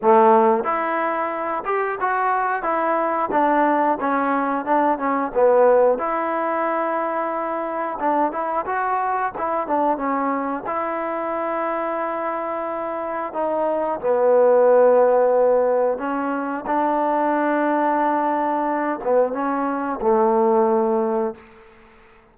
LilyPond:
\new Staff \with { instrumentName = "trombone" } { \time 4/4 \tempo 4 = 90 a4 e'4. g'8 fis'4 | e'4 d'4 cis'4 d'8 cis'8 | b4 e'2. | d'8 e'8 fis'4 e'8 d'8 cis'4 |
e'1 | dis'4 b2. | cis'4 d'2.~ | d'8 b8 cis'4 a2 | }